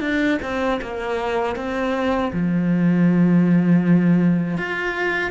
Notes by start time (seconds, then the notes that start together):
0.00 D4
0.42 C4
0.81 A#3
1.55 C4
2.33 F3
4.57 F4